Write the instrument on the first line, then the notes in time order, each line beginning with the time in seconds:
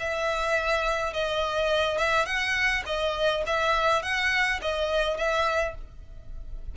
violin
0.00 E5
1.14 D#5
1.99 E5
2.26 F#5
2.87 D#5
3.47 E5
4.03 F#5
4.62 D#5
5.18 E5